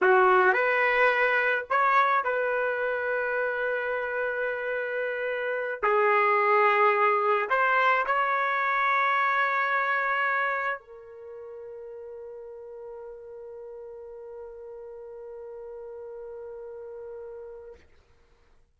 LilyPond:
\new Staff \with { instrumentName = "trumpet" } { \time 4/4 \tempo 4 = 108 fis'4 b'2 cis''4 | b'1~ | b'2~ b'8 gis'4.~ | gis'4. c''4 cis''4.~ |
cis''2.~ cis''8 ais'8~ | ais'1~ | ais'1~ | ais'1 | }